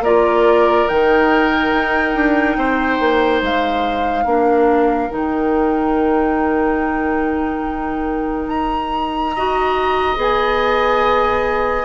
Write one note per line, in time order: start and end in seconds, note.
0.00 0.85 A#3
0.00 0.89 F4
0.00 2.57 A#4
0.00 0.88 D5
0.88 1.73 D#3
0.88 4.25 D#4
0.88 3.42 G5
1.73 2.15 D#4
2.15 2.57 D4
2.57 2.99 C4
2.57 4.24 C5
2.99 3.41 A#3
3.42 4.25 G#3
3.42 5.11 F5
4.24 5.10 A#3
4.24 5.10 D4
4.24 9.31 A#4
5.10 8.47 D#3
5.10 9.32 D#4
5.10 8.48 G5
8.47 10.16 D#4
8.47 10.17 A#5
9.35 10.15 F#4
9.35 11.84 D#5
10.15 11.84 B3
10.15 11.84 G#4
10.15 11.84 G#5